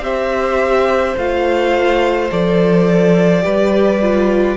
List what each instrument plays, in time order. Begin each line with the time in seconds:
0.00 cello C4, viola G4, violin C5 E5
1.17 cello A3, viola F4, violin F5
2.30 cello F3, viola A4, violin D5
3.41 cello G3, viola G4, violin B4
4.01 viola F4